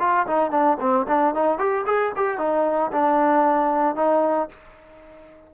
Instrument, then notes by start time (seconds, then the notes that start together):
trombone
0.00 F4
0.27 D#4
0.51 D4
0.80 C4
1.08 D4
1.35 D#4
1.59 G4
1.86 G#4
2.16 G4
2.38 D#4
2.92 D4
3.96 D#4